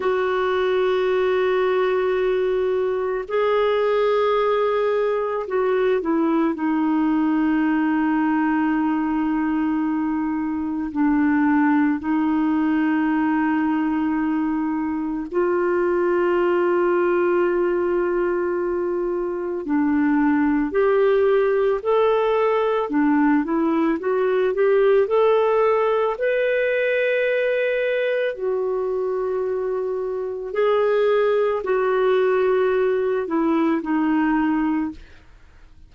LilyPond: \new Staff \with { instrumentName = "clarinet" } { \time 4/4 \tempo 4 = 55 fis'2. gis'4~ | gis'4 fis'8 e'8 dis'2~ | dis'2 d'4 dis'4~ | dis'2 f'2~ |
f'2 d'4 g'4 | a'4 d'8 e'8 fis'8 g'8 a'4 | b'2 fis'2 | gis'4 fis'4. e'8 dis'4 | }